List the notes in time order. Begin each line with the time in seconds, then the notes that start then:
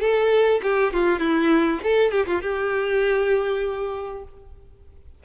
0.00 A4
0.63 G4
0.93 F4
1.19 E4
1.83 A4
2.11 G4
2.26 F4
2.41 G4